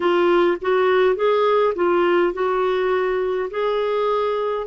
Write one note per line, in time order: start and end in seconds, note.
0.00 0.57 F4
0.61 1.15 F#4
1.15 1.73 G#4
1.75 2.33 F4
2.33 3.49 F#4
3.50 4.67 G#4